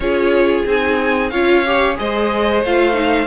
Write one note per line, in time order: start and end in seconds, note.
0.00 0.62 C#4
0.00 0.67 F4
0.00 1.31 G#4
0.00 0.66 C#5
0.66 1.31 C4
0.66 1.32 D#4
0.66 1.29 G#5
1.29 1.98 C#4
1.29 1.65 F4
1.29 1.97 C#5
1.29 1.95 F5
1.66 1.95 G4
1.95 2.63 G#3
1.95 2.61 G#4
1.95 3.26 C5
1.95 2.64 D#5
2.63 3.26 A3
2.63 2.93 F4
2.63 3.26 F5
2.93 3.26 D#4